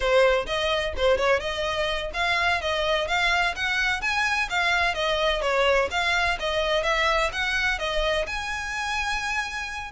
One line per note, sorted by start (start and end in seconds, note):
0.00 0.46 C5
0.46 0.93 D#5
0.97 1.17 C5
1.17 1.39 C#5
1.39 2.10 D#5
2.13 2.61 F5
2.61 3.07 D#5
3.07 3.54 F5
3.55 4.01 F#5
4.01 4.48 G#5
4.49 4.94 F5
4.94 5.41 D#5
5.41 5.88 C#5
5.90 6.38 F5
6.39 6.83 D#5
6.83 7.30 E5
7.32 7.78 F#5
7.78 8.26 D#5
8.26 9.91 G#5